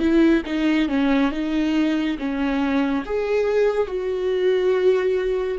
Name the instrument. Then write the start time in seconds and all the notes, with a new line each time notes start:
viola
0.00 E4
0.46 D#4
0.88 C#4
1.32 D#4
2.19 C#4
3.05 G#4
3.87 F#4